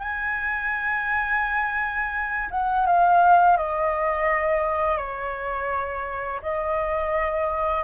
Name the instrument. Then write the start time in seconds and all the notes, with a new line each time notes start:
flute
0.00 G#5
2.51 F#5
2.87 F5
3.57 D#5
4.98 C#5
6.43 D#5